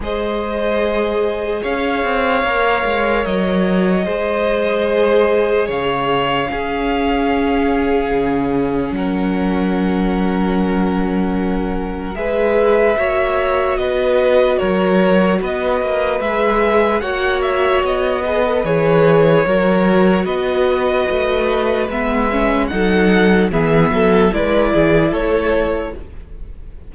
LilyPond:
<<
  \new Staff \with { instrumentName = "violin" } { \time 4/4 \tempo 4 = 74 dis''2 f''2 | dis''2. f''4~ | f''2. fis''4~ | fis''2. e''4~ |
e''4 dis''4 cis''4 dis''4 | e''4 fis''8 e''8 dis''4 cis''4~ | cis''4 dis''2 e''4 | fis''4 e''4 d''4 cis''4 | }
  \new Staff \with { instrumentName = "violin" } { \time 4/4 c''2 cis''2~ | cis''4 c''2 cis''4 | gis'2. ais'4~ | ais'2. b'4 |
cis''4 b'4 ais'4 b'4~ | b'4 cis''4. b'4. | ais'4 b'2. | a'4 gis'8 a'8 b'8 gis'8 a'4 | }
  \new Staff \with { instrumentName = "viola" } { \time 4/4 gis'2. ais'4~ | ais'4 gis'2. | cis'1~ | cis'2. gis'4 |
fis'1 | gis'4 fis'4. gis'16 a'16 gis'4 | fis'2. b8 cis'8 | dis'4 b4 e'2 | }
  \new Staff \with { instrumentName = "cello" } { \time 4/4 gis2 cis'8 c'8 ais8 gis8 | fis4 gis2 cis4 | cis'2 cis4 fis4~ | fis2. gis4 |
ais4 b4 fis4 b8 ais8 | gis4 ais4 b4 e4 | fis4 b4 a4 gis4 | fis4 e8 fis8 gis8 e8 a4 | }
>>